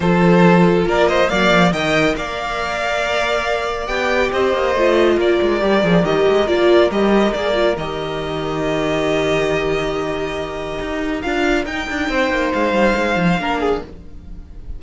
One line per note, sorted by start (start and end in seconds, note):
0.00 0.86 F3
0.00 1.28 F4
0.00 0.87 A4
0.00 0.84 C5
0.86 1.29 A#3
0.86 1.08 A#4
0.86 1.07 D5
1.07 1.30 C5
1.07 1.28 D#5
1.28 1.50 F#3
1.28 1.72 A#3
1.28 1.72 D5
1.28 1.71 F5
1.50 1.71 F3
1.71 2.15 D#3
1.71 3.88 A#4
1.71 2.15 D#5
1.71 2.15 G5
2.16 3.87 A#3
2.16 4.31 D5
2.16 3.87 F5
3.87 4.30 B3
3.87 4.74 G4
3.87 4.30 G5
4.31 4.53 C4
4.31 5.16 C5
4.31 5.19 D#5
4.53 4.75 A#3
4.75 5.17 A3
4.75 5.59 F4
5.16 5.38 A#3
5.16 12.07 A#4
5.16 6.04 D5
5.41 5.62 G#3
5.59 5.83 G3
5.59 5.81 G4
5.82 6.03 F3
5.82 6.03 G#4
6.03 6.25 D#3
6.03 6.47 G4
6.03 6.47 D#5
6.28 6.48 G#3
6.47 6.90 A#3
6.47 6.90 F4
6.47 6.90 D5
6.90 7.33 G3
6.90 7.34 G4
6.90 7.33 D#5
7.33 7.76 A#3
7.33 7.53 G#4
7.33 7.76 D5
7.53 7.75 F4
7.76 10.79 D#3
7.76 11.23 G4
7.76 11.21 D#5
10.80 11.23 D#4
11.21 11.65 D4
11.21 11.66 F4
11.21 11.64 F5
11.65 11.86 D#4
11.65 13.39 D#4
11.65 12.52 G5
11.89 12.08 D4
12.08 12.30 C4
12.08 13.40 C5
12.30 12.51 A#3
12.53 12.72 G#3
12.53 13.82 F5
12.72 12.93 G3
12.95 13.16 G#3
13.16 13.37 F3
13.38 13.81 A#3
13.38 13.82 D4
13.38 13.60 A#4
13.60 13.81 G#4